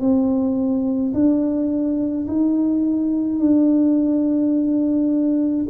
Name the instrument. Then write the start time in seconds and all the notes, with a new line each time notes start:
tuba
0.00 C4
1.14 D4
2.27 D#4
3.39 D4